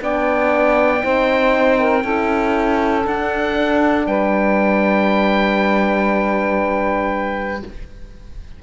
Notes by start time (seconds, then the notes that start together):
0.00 B3 D4 D5 G5
0.99 C4 D#4 C5
1.78 A#4
2.03 C#4 E4 A4
3.03 D4 F#5
4.06 G3 B4 G5